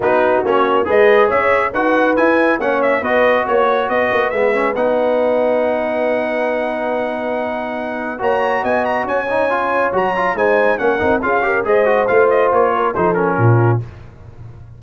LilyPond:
<<
  \new Staff \with { instrumentName = "trumpet" } { \time 4/4 \tempo 4 = 139 b'4 cis''4 dis''4 e''4 | fis''4 gis''4 fis''8 e''8 dis''4 | cis''4 dis''4 e''4 fis''4~ | fis''1~ |
fis''2. ais''4 | gis''8 ais''8 gis''2 ais''4 | gis''4 fis''4 f''4 dis''4 | f''8 dis''8 cis''4 c''8 ais'4. | }
  \new Staff \with { instrumentName = "horn" } { \time 4/4 fis'2 b'4 cis''4 | b'2 cis''4 b'4 | cis''4 b'2.~ | b'1~ |
b'2. cis''4 | dis''4 cis''2. | c''4 ais'4 gis'8 ais'8 c''4~ | c''4. ais'8 a'4 f'4 | }
  \new Staff \with { instrumentName = "trombone" } { \time 4/4 dis'4 cis'4 gis'2 | fis'4 e'4 cis'4 fis'4~ | fis'2 b8 cis'8 dis'4~ | dis'1~ |
dis'2. fis'4~ | fis'4. dis'8 f'4 fis'8 f'8 | dis'4 cis'8 dis'8 f'8 g'8 gis'8 fis'8 | f'2 dis'8 cis'4. | }
  \new Staff \with { instrumentName = "tuba" } { \time 4/4 b4 ais4 gis4 cis'4 | dis'4 e'4 ais4 b4 | ais4 b8 ais8 gis4 b4~ | b1~ |
b2. ais4 | b4 cis'2 fis4 | gis4 ais8 c'8 cis'4 gis4 | a4 ais4 f4 ais,4 | }
>>